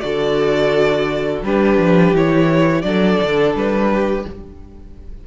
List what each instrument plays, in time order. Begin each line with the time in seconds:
0.00 cello D3, viola F#4, violin A4 D5
1.42 cello G3, viola D4, violin G4 B4
1.77 cello F3
2.12 cello E3, viola E4, violin C#5
2.82 cello F#3, viola D4, violin A4 D5
3.22 cello D3
3.54 cello G3, violin B4
3.91 violin G4